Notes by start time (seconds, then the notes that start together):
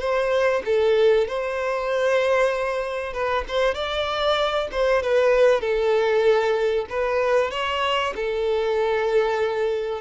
0.00 C5
0.65 A4
1.28 C5
3.13 B4
3.48 C5
3.74 D5
4.71 C5
5.02 B4
5.61 A4
6.90 B4
7.51 C#5
8.15 A4